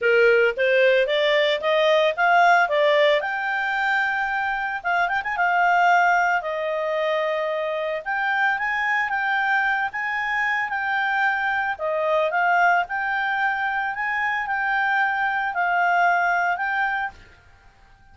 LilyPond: \new Staff \with { instrumentName = "clarinet" } { \time 4/4 \tempo 4 = 112 ais'4 c''4 d''4 dis''4 | f''4 d''4 g''2~ | g''4 f''8 g''16 gis''16 f''2 | dis''2. g''4 |
gis''4 g''4. gis''4. | g''2 dis''4 f''4 | g''2 gis''4 g''4~ | g''4 f''2 g''4 | }